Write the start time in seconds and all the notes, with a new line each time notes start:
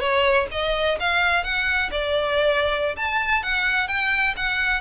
0.00 C#5
0.51 D#5
0.99 F5
1.43 F#5
1.91 D5
2.96 A5
3.43 F#5
3.88 G5
4.36 F#5